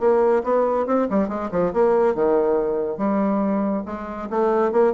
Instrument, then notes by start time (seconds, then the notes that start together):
bassoon
0.00 A#3
0.44 B3
0.86 C4
1.10 G3
1.29 G#3
1.51 F3
1.73 A#3
2.15 D#3
2.98 G3
3.86 G#3
4.30 A3
4.72 A#3